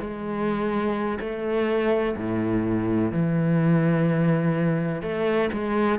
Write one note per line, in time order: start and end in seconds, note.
0.00 1.19 G#3
1.20 2.16 A3
2.17 3.12 A2
3.12 5.02 E3
5.02 5.50 A3
5.53 6.00 G#3